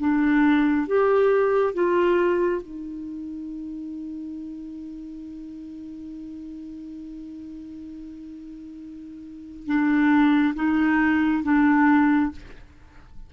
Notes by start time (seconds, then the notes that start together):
0.00 D4
0.87 G4
1.74 F4
2.62 D#4
9.66 D4
10.55 D#4
11.43 D4